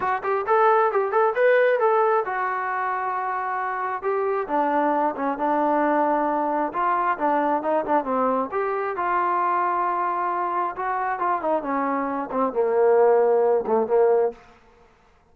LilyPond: \new Staff \with { instrumentName = "trombone" } { \time 4/4 \tempo 4 = 134 fis'8 g'8 a'4 g'8 a'8 b'4 | a'4 fis'2.~ | fis'4 g'4 d'4. cis'8 | d'2. f'4 |
d'4 dis'8 d'8 c'4 g'4 | f'1 | fis'4 f'8 dis'8 cis'4. c'8 | ais2~ ais8 a8 ais4 | }